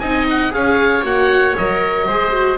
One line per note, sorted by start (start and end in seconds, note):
0.00 0.53 C4
0.00 0.51 D#4
0.00 0.53 D#5
0.00 0.26 G#5
0.30 0.54 F#5
0.51 1.03 C#4
0.51 1.02 G#4
0.51 2.07 C#5
0.51 1.05 F5
1.03 1.55 A#3
1.03 1.56 F#4
1.03 1.58 F#5
1.58 2.09 F#3
1.58 2.10 A#4
1.58 2.58 D#5
2.07 2.58 G#3
2.07 2.32 G#4
2.07 2.58 C5
2.32 2.58 F#4